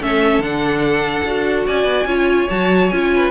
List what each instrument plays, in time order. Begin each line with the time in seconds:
0.00 cello A3, viola C#4, violin A4 E5
0.38 cello D3, viola D4, violin F#5
1.24 cello D4, viola F#4
1.66 cello C#4, violin D5 G#5
1.84 cello B3
2.05 cello C#4, viola F4, violin C#5
2.49 cello F#3, viola F#4, violin A5
2.89 cello C#4, viola F4, violin G#5
3.15 violin B4